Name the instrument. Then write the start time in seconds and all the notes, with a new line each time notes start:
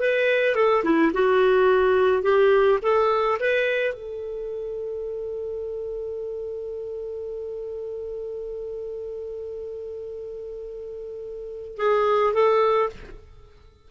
clarinet
0.00 B4
0.55 A4
0.84 E4
1.13 F#4
2.23 G4
2.82 A4
3.40 B4
3.94 A4
11.77 G#4
12.34 A4